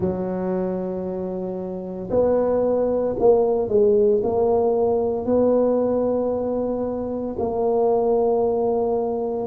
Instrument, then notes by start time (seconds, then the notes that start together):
tuba
0.00 F#3
2.10 B3
3.19 A#3
3.68 G#3
4.23 A#3
5.25 B3
7.38 A#3